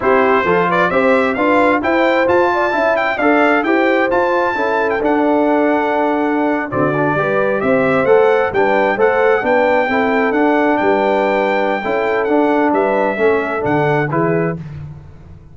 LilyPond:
<<
  \new Staff \with { instrumentName = "trumpet" } { \time 4/4 \tempo 4 = 132 c''4. d''8 e''4 f''4 | g''4 a''4. g''8 f''4 | g''4 a''4.~ a''16 g''16 fis''4~ | fis''2~ fis''8. d''4~ d''16~ |
d''8. e''4 fis''4 g''4 fis''16~ | fis''8. g''2 fis''4 g''16~ | g''2. fis''4 | e''2 fis''4 b'4 | }
  \new Staff \with { instrumentName = "horn" } { \time 4/4 g'4 a'8 b'8 c''4 b'4 | c''4. d''8 e''4 d''4 | c''2 a'2~ | a'2~ a'8. fis'4 b'16~ |
b'8. c''2 b'4 c''16~ | c''8. b'4 a'2 b'16~ | b'2 a'2 | b'4 a'2 gis'4 | }
  \new Staff \with { instrumentName = "trombone" } { \time 4/4 e'4 f'4 g'4 f'4 | e'4 f'4 e'4 a'4 | g'4 f'4 e'4 d'4~ | d'2~ d'8. c'8 d'8 g'16~ |
g'4.~ g'16 a'4 d'4 a'16~ | a'8. d'4 e'4 d'4~ d'16~ | d'2 e'4 d'4~ | d'4 cis'4 d'4 e'4 | }
  \new Staff \with { instrumentName = "tuba" } { \time 4/4 c'4 f4 c'4 d'4 | e'4 f'4 cis'4 d'4 | e'4 f'4 cis'4 d'4~ | d'2~ d'8. d4 g16~ |
g8. c'4 a4 g4 a16~ | a8. b4 c'4 d'4 g16~ | g2 cis'4 d'4 | g4 a4 d4 e4 | }
>>